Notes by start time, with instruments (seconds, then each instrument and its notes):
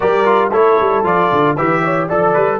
0.00 tuba G3, trombone G4, horn A#4, trumpet D5
0.25 trombone F4
0.51 tuba A3, trombone E4, horn A4, trumpet C#5
0.81 tuba G3
1.03 tuba F3, trombone F4, trumpet D5
1.32 tuba D3
1.56 tuba E3, trombone G4, horn B4, trumpet E5
1.84 horn C#5
2.08 tuba F3, trombone A4, trumpet A4, horn D5
2.33 tuba G3, trumpet B4